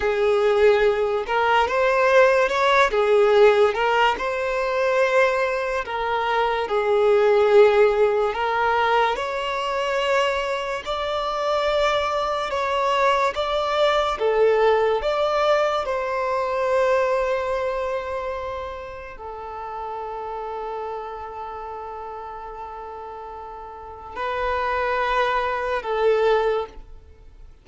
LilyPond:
\new Staff \with { instrumentName = "violin" } { \time 4/4 \tempo 4 = 72 gis'4. ais'8 c''4 cis''8 gis'8~ | gis'8 ais'8 c''2 ais'4 | gis'2 ais'4 cis''4~ | cis''4 d''2 cis''4 |
d''4 a'4 d''4 c''4~ | c''2. a'4~ | a'1~ | a'4 b'2 a'4 | }